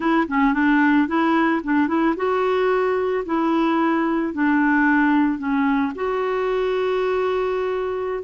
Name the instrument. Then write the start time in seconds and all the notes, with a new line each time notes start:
clarinet
0.00 E4
0.28 C#4
0.53 D4
1.07 E4
1.63 D4
1.87 E4
2.16 F#4
3.25 E4
4.33 D4
5.38 C#4
5.95 F#4